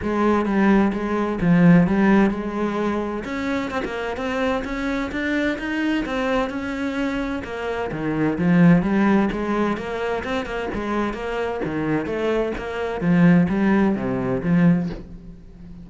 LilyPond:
\new Staff \with { instrumentName = "cello" } { \time 4/4 \tempo 4 = 129 gis4 g4 gis4 f4 | g4 gis2 cis'4 | c'16 ais8. c'4 cis'4 d'4 | dis'4 c'4 cis'2 |
ais4 dis4 f4 g4 | gis4 ais4 c'8 ais8 gis4 | ais4 dis4 a4 ais4 | f4 g4 c4 f4 | }